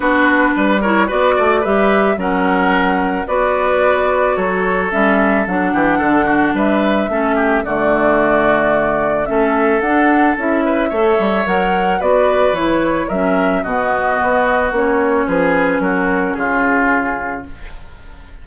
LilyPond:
<<
  \new Staff \with { instrumentName = "flute" } { \time 4/4 \tempo 4 = 110 b'4. cis''8 d''4 e''4 | fis''2 d''2 | cis''4 e''4 fis''2 | e''2 d''2~ |
d''4 e''4 fis''4 e''4~ | e''4 fis''4 d''4 cis''4 | e''4 dis''2 cis''4 | b'4 ais'4 gis'2 | }
  \new Staff \with { instrumentName = "oboe" } { \time 4/4 fis'4 b'8 ais'8 b'8 d''8 b'4 | ais'2 b'2 | a'2~ a'8 g'8 a'8 fis'8 | b'4 a'8 g'8 fis'2~ |
fis'4 a'2~ a'8 b'8 | cis''2 b'2 | ais'4 fis'2. | gis'4 fis'4 f'2 | }
  \new Staff \with { instrumentName = "clarinet" } { \time 4/4 d'4. e'8 fis'4 g'4 | cis'2 fis'2~ | fis'4 cis'4 d'2~ | d'4 cis'4 a2~ |
a4 cis'4 d'4 e'4 | a'4 ais'4 fis'4 e'4 | cis'4 b2 cis'4~ | cis'1 | }
  \new Staff \with { instrumentName = "bassoon" } { \time 4/4 b4 g4 b8 a8 g4 | fis2 b2 | fis4 g4 fis8 e8 d4 | g4 a4 d2~ |
d4 a4 d'4 cis'4 | a8 g8 fis4 b4 e4 | fis4 b,4 b4 ais4 | f4 fis4 cis2 | }
>>